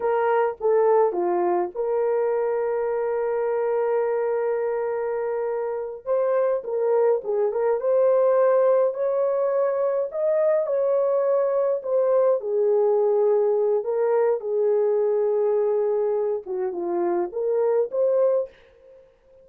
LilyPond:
\new Staff \with { instrumentName = "horn" } { \time 4/4 \tempo 4 = 104 ais'4 a'4 f'4 ais'4~ | ais'1~ | ais'2~ ais'8 c''4 ais'8~ | ais'8 gis'8 ais'8 c''2 cis''8~ |
cis''4. dis''4 cis''4.~ | cis''8 c''4 gis'2~ gis'8 | ais'4 gis'2.~ | gis'8 fis'8 f'4 ais'4 c''4 | }